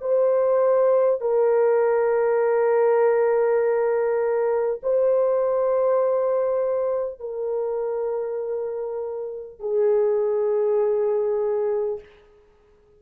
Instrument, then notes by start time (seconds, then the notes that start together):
horn
0.00 C5
1.21 A#4
4.83 C5
7.19 A#4
9.59 G#4